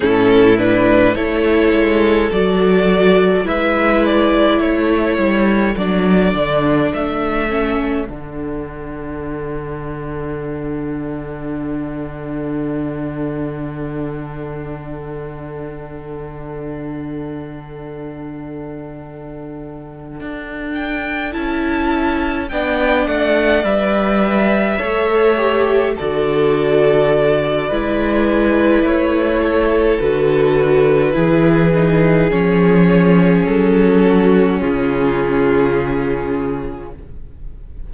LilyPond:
<<
  \new Staff \with { instrumentName = "violin" } { \time 4/4 \tempo 4 = 52 a'8 b'8 cis''4 d''4 e''8 d''8 | cis''4 d''4 e''4 fis''4~ | fis''1~ | fis''1~ |
fis''2 g''8 a''4 g''8 | fis''8 e''2 d''4.~ | d''4 cis''4 b'2 | cis''4 a'4 gis'2 | }
  \new Staff \with { instrumentName = "violin" } { \time 4/4 e'4 a'2 b'4 | a'1~ | a'1~ | a'1~ |
a'2.~ a'8 d''8~ | d''4. cis''4 a'4. | b'4. a'4. gis'4~ | gis'4. fis'8 f'2 | }
  \new Staff \with { instrumentName = "viola" } { \time 4/4 cis'8 d'8 e'4 fis'4 e'4~ | e'4 d'4. cis'8 d'4~ | d'1~ | d'1~ |
d'2~ d'8 e'4 d'8~ | d'8 b'4 a'8 g'8 fis'4. | e'2 fis'4 e'8 dis'8 | cis'1 | }
  \new Staff \with { instrumentName = "cello" } { \time 4/4 a,4 a8 gis8 fis4 gis4 | a8 g8 fis8 d8 a4 d4~ | d1~ | d1~ |
d4. d'4 cis'4 b8 | a8 g4 a4 d4. | gis4 a4 d4 e4 | f4 fis4 cis2 | }
>>